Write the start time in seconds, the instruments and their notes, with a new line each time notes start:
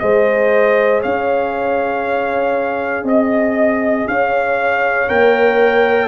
0.00 tuba G#3, trombone G#4, horn C5, trumpet D#5
1.01 tuba C#4, horn C#5, trumpet F5
3.04 tuba C4, horn D#5, trumpet D#5
4.08 tuba C#4, horn C#5, trumpet F5
5.09 tuba A#3, trombone A#4, trumpet G5